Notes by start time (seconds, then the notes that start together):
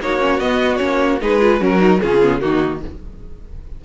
0.00 A#3 D#4 F#4 C#5
0.20 C#4
0.40 B3 D#5
0.76 A#3 C#4 C#5
1.21 G#3 D#4 G#4 B4
1.40 F4
1.60 F#3 C#4 F#4 A#4
1.79 D#4
2.01 C#3 C#4 F4 G#4
2.22 B3
2.41 D#3 A#3 D#4 F#4